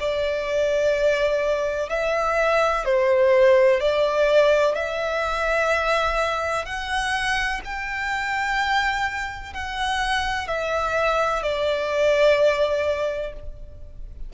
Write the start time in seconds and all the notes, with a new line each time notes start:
0.00 D5
1.90 E5
2.85 C5
3.81 D5
4.75 E5
6.66 F#5
7.65 G5
9.54 F#5
10.48 E5
11.43 D5